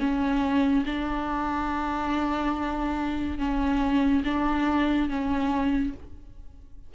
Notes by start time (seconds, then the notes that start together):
0.00 C#4
0.86 D4
3.39 C#4
4.25 D4
5.09 C#4